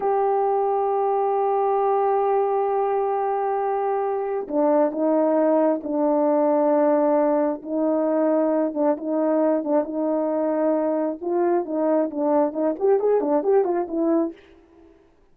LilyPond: \new Staff \with { instrumentName = "horn" } { \time 4/4 \tempo 4 = 134 g'1~ | g'1~ | g'2 d'4 dis'4~ | dis'4 d'2.~ |
d'4 dis'2~ dis'8 d'8 | dis'4. d'8 dis'2~ | dis'4 f'4 dis'4 d'4 | dis'8 g'8 gis'8 d'8 g'8 f'8 e'4 | }